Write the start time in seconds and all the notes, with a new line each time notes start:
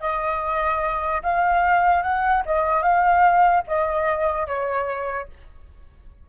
0.00 D#5
1.22 F5
2.02 F#5
2.45 D#5
2.82 F5
3.67 D#5
4.47 C#5